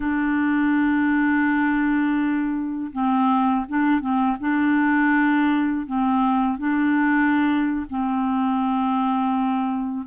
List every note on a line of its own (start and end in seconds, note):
0.00 2.91 D4
2.92 3.65 C4
3.68 4.00 D4
4.00 4.37 C4
4.40 5.86 D4
5.86 6.58 C4
6.58 7.86 D4
7.89 10.06 C4